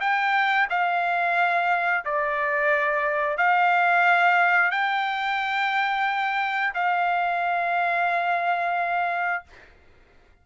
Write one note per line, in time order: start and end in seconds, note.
0.00 0.67 G5
0.70 2.04 F5
2.05 3.37 D5
3.37 4.71 F5
4.71 6.73 G5
6.74 9.44 F5